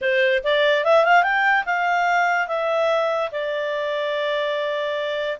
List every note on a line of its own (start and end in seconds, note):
0.01 0.42 C5
0.43 0.84 D5
0.84 1.04 E5
1.04 1.23 F5
1.23 1.64 G5
1.65 2.47 F5
2.47 3.30 E5
3.31 5.38 D5